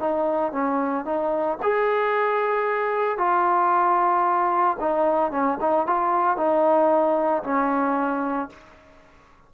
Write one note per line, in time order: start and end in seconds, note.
0.00 0.52 D#4
0.52 1.05 C#4
1.05 1.58 D#4
1.62 3.18 G#4
3.18 4.77 F4
4.80 5.31 D#4
5.31 5.58 C#4
5.61 5.87 D#4
5.87 6.37 F4
6.37 7.43 D#4
7.43 8.50 C#4